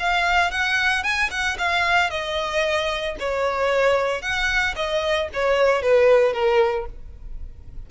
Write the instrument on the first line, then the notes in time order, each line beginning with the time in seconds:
violin
0.00 F5
0.51 F#5
1.04 G#5
1.31 F#5
1.58 F5
2.10 D#5
3.20 C#5
4.22 F#5
4.76 D#5
5.34 C#5
5.82 B4
6.33 A#4